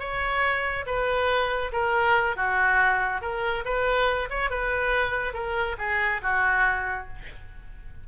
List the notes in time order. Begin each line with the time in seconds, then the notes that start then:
0.00 C#5
0.87 B4
1.73 A#4
2.36 F#4
3.22 A#4
3.65 B4
4.30 C#5
4.51 B4
5.34 A#4
5.79 G#4
6.23 F#4